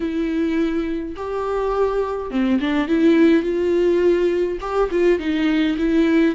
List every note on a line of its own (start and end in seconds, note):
0.00 1.15 E4
1.16 2.31 G4
2.31 2.59 C4
2.60 2.87 D4
2.87 3.42 E4
3.42 4.58 F4
4.60 4.89 G4
4.91 5.19 F4
5.19 5.77 D#4
5.78 6.35 E4